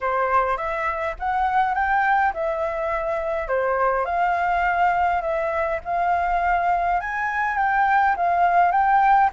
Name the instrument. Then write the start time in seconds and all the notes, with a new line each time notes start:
flute
0.00 C5
0.57 E5
1.19 F#5
1.74 G5
2.33 E5
3.48 C5
4.05 F5
5.21 E5
5.85 F5
7.00 G#5
7.57 G5
8.16 F5
8.71 G5